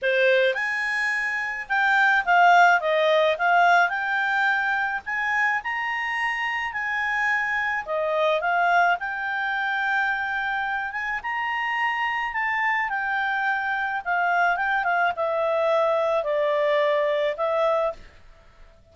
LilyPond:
\new Staff \with { instrumentName = "clarinet" } { \time 4/4 \tempo 4 = 107 c''4 gis''2 g''4 | f''4 dis''4 f''4 g''4~ | g''4 gis''4 ais''2 | gis''2 dis''4 f''4 |
g''2.~ g''8 gis''8 | ais''2 a''4 g''4~ | g''4 f''4 g''8 f''8 e''4~ | e''4 d''2 e''4 | }